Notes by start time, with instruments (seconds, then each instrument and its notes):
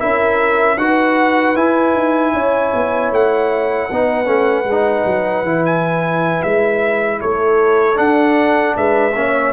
0.00 tuba C#4, trombone E4, horn A#4, trumpet E5
0.78 tuba D#4, trombone F#4, horn B4, trumpet F#5
1.56 tuba E4, trombone E4, trumpet G#5
1.94 tuba D#4
2.34 tuba C#4, horn C#5
2.74 tuba B3
3.11 tuba A3, trumpet F#5
3.90 tuba B3, trombone D#4, horn B4
4.25 tuba A3, trombone C#4
4.65 tuba G#3
4.72 trombone D#4
5.06 tuba F#3
5.43 tuba E3, trombone E4
5.66 trumpet G#5
6.43 tuba G#3, trumpet E5
7.21 tuba A3, horn A4, trumpet C#5
7.95 trombone D4, tuba D4, trumpet F#5
8.77 tuba G#3, horn B4, trumpet E5
9.15 tuba A#3, trombone C#4, horn C#5